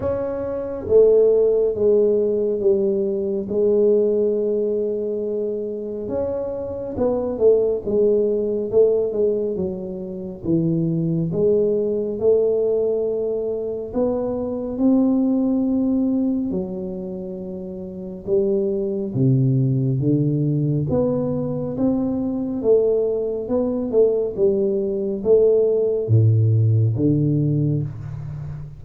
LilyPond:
\new Staff \with { instrumentName = "tuba" } { \time 4/4 \tempo 4 = 69 cis'4 a4 gis4 g4 | gis2. cis'4 | b8 a8 gis4 a8 gis8 fis4 | e4 gis4 a2 |
b4 c'2 fis4~ | fis4 g4 c4 d4 | b4 c'4 a4 b8 a8 | g4 a4 a,4 d4 | }